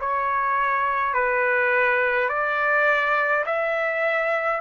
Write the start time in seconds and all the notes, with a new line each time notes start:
0.00 C#5
1.14 B4
2.29 D5
3.46 E5